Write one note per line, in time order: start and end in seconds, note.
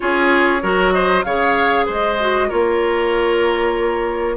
0.00 0.62 C#4
0.00 0.61 F4
0.00 0.62 G#4
0.00 0.92 C#5
0.61 1.25 F#3
0.61 1.24 F#4
0.61 0.93 A#4
0.92 1.25 C5
0.92 1.23 D#5
1.23 1.88 C#3
1.23 2.18 G#4
1.23 1.85 C#5
1.23 1.86 F5
1.85 2.51 G#3
1.85 2.48 C5
1.85 2.49 D#5
2.19 2.49 F#4
2.48 4.36 A#3
2.48 4.36 F4
2.48 4.36 A#4
2.48 4.36 C#5